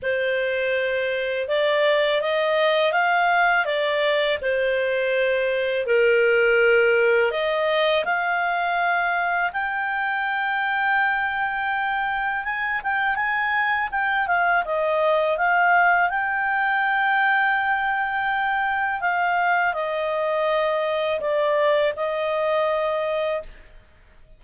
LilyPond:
\new Staff \with { instrumentName = "clarinet" } { \time 4/4 \tempo 4 = 82 c''2 d''4 dis''4 | f''4 d''4 c''2 | ais'2 dis''4 f''4~ | f''4 g''2.~ |
g''4 gis''8 g''8 gis''4 g''8 f''8 | dis''4 f''4 g''2~ | g''2 f''4 dis''4~ | dis''4 d''4 dis''2 | }